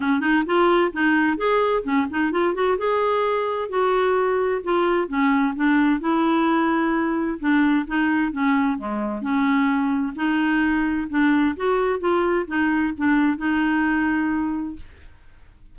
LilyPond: \new Staff \with { instrumentName = "clarinet" } { \time 4/4 \tempo 4 = 130 cis'8 dis'8 f'4 dis'4 gis'4 | cis'8 dis'8 f'8 fis'8 gis'2 | fis'2 f'4 cis'4 | d'4 e'2. |
d'4 dis'4 cis'4 gis4 | cis'2 dis'2 | d'4 fis'4 f'4 dis'4 | d'4 dis'2. | }